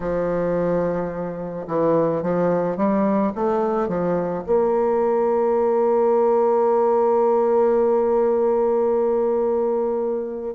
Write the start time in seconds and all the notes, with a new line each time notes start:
0.00 F3
1.67 E3
2.22 F3
2.76 G3
3.35 A3
3.87 F3
4.46 A#3